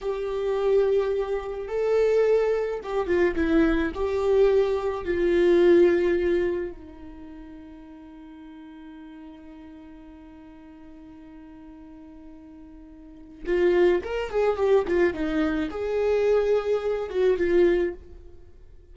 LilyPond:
\new Staff \with { instrumentName = "viola" } { \time 4/4 \tempo 4 = 107 g'2. a'4~ | a'4 g'8 f'8 e'4 g'4~ | g'4 f'2. | dis'1~ |
dis'1~ | dis'1 | f'4 ais'8 gis'8 g'8 f'8 dis'4 | gis'2~ gis'8 fis'8 f'4 | }